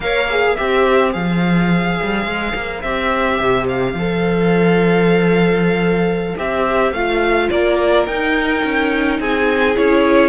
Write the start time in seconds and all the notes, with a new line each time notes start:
0.00 A#3 A#4 C#5 F5
0.29 G#4
0.55 C4 G4 C5 E5
1.12 F3 G#4 F5
2.02 G3
2.25 G#3
2.54 A#3
2.81 C4 G4 E5
3.40 C3
3.68 F5
3.93 F3 A4
6.37 C4 G4 E5
6.92 A3 F4 F5
7.50 A#3 A#4 D5
8.06 D#4 G5
8.64 C#4
9.19 C4 G#4 G#5
9.75 C#4 E4 C#5